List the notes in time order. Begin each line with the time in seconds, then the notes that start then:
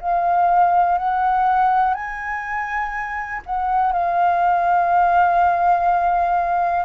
0.00 F5
0.98 F#5
1.94 G#5
3.46 F#5
3.92 F5